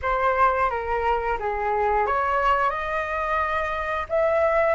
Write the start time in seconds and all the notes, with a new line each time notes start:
0.02 C5
0.69 A#4
1.39 G#4
2.06 C#5
2.70 D#5
4.09 E5